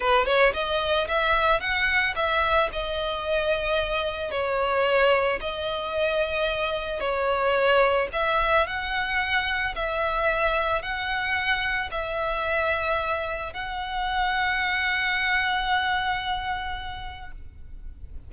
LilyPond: \new Staff \with { instrumentName = "violin" } { \time 4/4 \tempo 4 = 111 b'8 cis''8 dis''4 e''4 fis''4 | e''4 dis''2. | cis''2 dis''2~ | dis''4 cis''2 e''4 |
fis''2 e''2 | fis''2 e''2~ | e''4 fis''2.~ | fis''1 | }